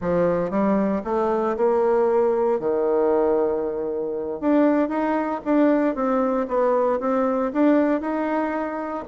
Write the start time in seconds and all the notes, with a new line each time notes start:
0.01 F3
0.50 G3
1.04 A3
1.56 A#3
2.59 D#3
4.40 D4
4.89 D#4
5.44 D4
5.95 C4
6.47 B3
7.00 C4
7.53 D4
8.00 D#4